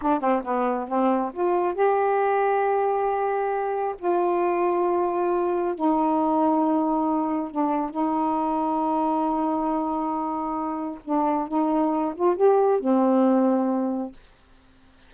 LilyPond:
\new Staff \with { instrumentName = "saxophone" } { \time 4/4 \tempo 4 = 136 d'8 c'8 b4 c'4 f'4 | g'1~ | g'4 f'2.~ | f'4 dis'2.~ |
dis'4 d'4 dis'2~ | dis'1~ | dis'4 d'4 dis'4. f'8 | g'4 c'2. | }